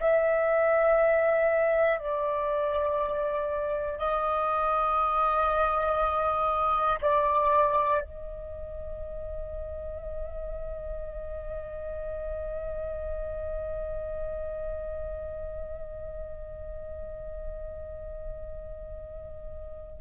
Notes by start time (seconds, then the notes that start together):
0.00 E5
1.99 D5
3.98 D#5
7.01 D5
8.01 D#5